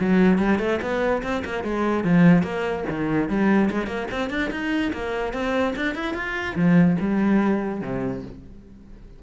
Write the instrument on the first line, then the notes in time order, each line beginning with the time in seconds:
cello
0.00 F#3
0.39 G3
0.59 A3
0.82 B3
1.23 C4
1.45 A#3
1.64 G#3
2.04 F3
2.43 A#3
2.89 D#3
3.29 G3
3.70 G#3
3.87 A#3
4.12 C4
4.30 D4
4.51 D#4
4.93 A#3
5.33 C4
5.76 D4
5.95 E4
6.14 F4
6.56 F3
7.00 G3
7.81 C3